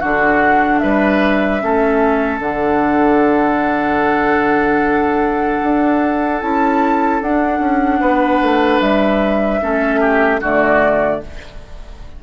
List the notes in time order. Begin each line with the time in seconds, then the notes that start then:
0.00 D3 D4 F#4 F#5
0.79 G3 B4 E5
1.61 A3 C#4 A4
2.39 D3 D4 F#5
5.63 D4
6.41 C#4 E4 A5
7.22 D4 F#5
7.60 C#4
8.01 B3 B4
8.42 A3
8.81 G3 E5
9.61 A3 C#4 A4
10.00 G4
10.41 D3 A3 F#4 D5